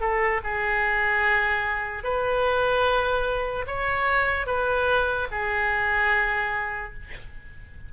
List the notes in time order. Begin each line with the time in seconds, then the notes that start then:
0.00 A4
0.43 G#4
2.03 B4
3.66 C#5
4.46 B4
5.31 G#4